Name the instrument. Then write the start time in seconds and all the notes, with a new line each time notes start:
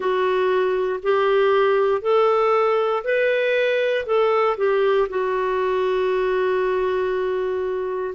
clarinet
0.00 F#4
1.02 G4
2.01 A4
3.04 B4
4.05 A4
4.57 G4
5.09 F#4